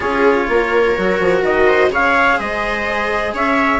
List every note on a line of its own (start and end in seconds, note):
0.00 0.48 C#4
0.00 0.95 F4
0.00 0.47 G#4
0.00 1.43 C#5
0.48 0.96 A#3
0.48 1.67 A#4
0.96 1.20 F#3
0.96 1.89 F#4
1.20 1.41 F3
1.41 1.89 D#3
1.41 1.91 D#5
1.67 1.90 C5
1.89 2.36 C#3
1.89 3.80 G#4
1.89 2.37 C#5
1.89 2.39 F5
2.37 3.33 G#3
2.37 3.33 C5
2.37 3.35 D#5
3.33 3.80 C#4
3.33 3.80 C#5
3.33 3.80 E5